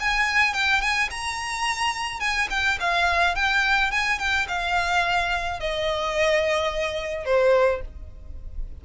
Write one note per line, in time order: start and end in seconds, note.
0.00 0.54 G#5
0.54 0.81 G5
0.81 1.09 G#5
1.11 2.20 A#5
2.20 2.48 G#5
2.50 2.78 G5
2.80 3.35 F5
3.35 3.91 G5
3.91 4.19 G#5
4.19 4.47 G5
4.48 5.60 F5
5.60 7.25 D#5
7.25 7.81 C5